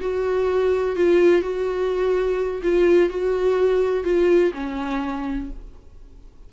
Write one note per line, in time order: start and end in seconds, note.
0.00 0.96 F#4
0.96 1.41 F4
1.41 2.61 F#4
2.62 3.09 F4
3.09 4.04 F#4
4.04 4.52 F4
4.54 5.50 C#4